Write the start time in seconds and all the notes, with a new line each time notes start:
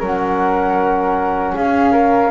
0.00 F#3 C#4 A#4
0.06 F#5
1.55 C#4 G#4 F5
1.93 A#4